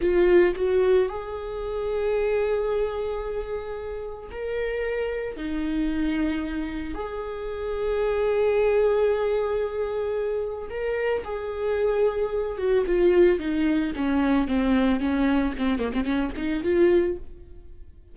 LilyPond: \new Staff \with { instrumentName = "viola" } { \time 4/4 \tempo 4 = 112 f'4 fis'4 gis'2~ | gis'1 | ais'2 dis'2~ | dis'4 gis'2.~ |
gis'1 | ais'4 gis'2~ gis'8 fis'8 | f'4 dis'4 cis'4 c'4 | cis'4 c'8 ais16 c'16 cis'8 dis'8 f'4 | }